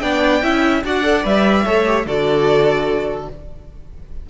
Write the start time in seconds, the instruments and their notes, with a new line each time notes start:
0.00 cello B3, viola D4, violin D5 G5
0.42 cello C#4, viola E4, violin E5
0.84 cello D4, viola F#4, violin D5 F#5
1.03 viola A4
1.24 cello G3, viola B4, violin E5
1.65 cello A3, viola A4, violin C#5
1.86 viola G4
2.06 cello D3, viola F#4, violin A4 D5